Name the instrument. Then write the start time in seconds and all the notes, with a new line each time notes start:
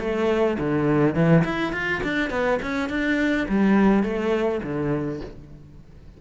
cello
0.00 A3
0.59 D3
1.15 E3
1.45 E4
1.73 F4
2.04 D4
2.31 B3
2.62 C#4
2.90 D4
3.49 G3
4.04 A3
4.63 D3